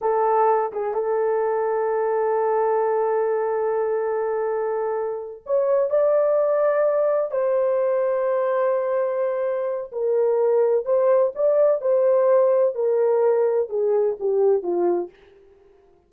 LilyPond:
\new Staff \with { instrumentName = "horn" } { \time 4/4 \tempo 4 = 127 a'4. gis'8 a'2~ | a'1~ | a'2.~ a'8 cis''8~ | cis''8 d''2. c''8~ |
c''1~ | c''4 ais'2 c''4 | d''4 c''2 ais'4~ | ais'4 gis'4 g'4 f'4 | }